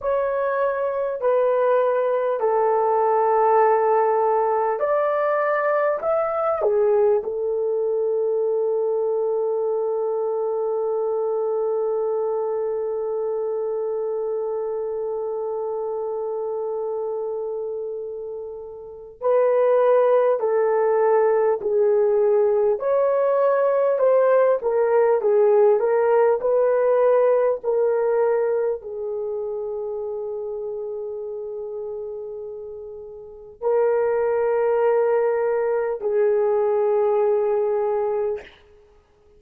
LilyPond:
\new Staff \with { instrumentName = "horn" } { \time 4/4 \tempo 4 = 50 cis''4 b'4 a'2 | d''4 e''8 gis'8 a'2~ | a'1~ | a'1 |
b'4 a'4 gis'4 cis''4 | c''8 ais'8 gis'8 ais'8 b'4 ais'4 | gis'1 | ais'2 gis'2 | }